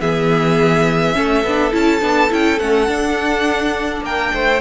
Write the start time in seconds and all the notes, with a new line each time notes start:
0.00 E3 B3 G#4 E5
1.13 A3 C#4 A4
1.44 B3 D4
1.71 C#4 E4 A5
2.01 B3 D4
2.29 C#4 E4 G5
2.59 A3 C#4 F#5
2.88 D4
4.02 A#3 A#4 G5
4.33 A3 C5